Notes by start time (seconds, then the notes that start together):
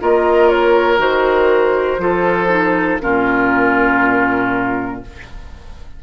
0.00 A#3 F4 A#4 D#5
0.48 C#5
0.97 D#3 F#4 C5
1.98 F3 F4 A4
2.48 D#4
3.00 A#2 C#4 F4 A#4